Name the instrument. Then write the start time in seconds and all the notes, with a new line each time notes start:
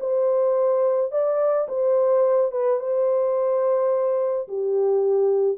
horn
0.00 C5
1.12 D5
1.68 C5
2.52 B4
2.79 C5
4.48 G4